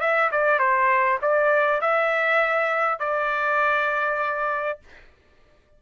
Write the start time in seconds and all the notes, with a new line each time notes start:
0.00 E5
0.31 D5
0.59 C5
1.22 D5
1.81 E5
2.99 D5